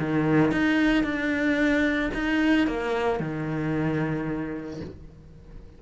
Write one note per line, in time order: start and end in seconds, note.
0.00 0.52 D#3
0.52 1.04 D#4
1.04 2.11 D4
2.14 2.68 D#4
2.68 3.20 A#3
3.20 4.81 D#3